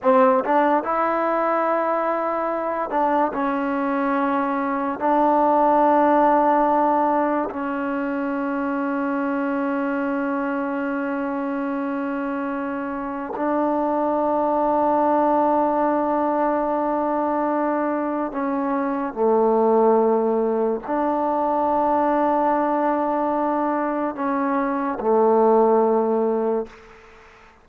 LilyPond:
\new Staff \with { instrumentName = "trombone" } { \time 4/4 \tempo 4 = 72 c'8 d'8 e'2~ e'8 d'8 | cis'2 d'2~ | d'4 cis'2.~ | cis'1 |
d'1~ | d'2 cis'4 a4~ | a4 d'2.~ | d'4 cis'4 a2 | }